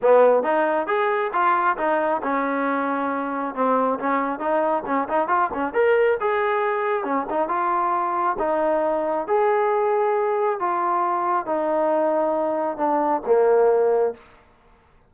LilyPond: \new Staff \with { instrumentName = "trombone" } { \time 4/4 \tempo 4 = 136 b4 dis'4 gis'4 f'4 | dis'4 cis'2. | c'4 cis'4 dis'4 cis'8 dis'8 | f'8 cis'8 ais'4 gis'2 |
cis'8 dis'8 f'2 dis'4~ | dis'4 gis'2. | f'2 dis'2~ | dis'4 d'4 ais2 | }